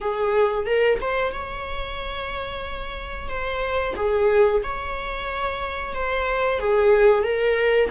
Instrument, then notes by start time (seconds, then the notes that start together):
viola
0.00 G#4
0.66 A#4
1.00 C5
1.32 C#5
3.28 C5
3.96 G#4
4.63 C#5
5.93 C5
6.59 G#4
7.23 A#4